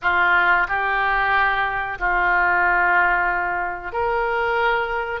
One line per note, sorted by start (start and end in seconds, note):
0.01 0.67 F4
0.68 1.98 G4
1.99 3.92 F4
3.92 5.20 A#4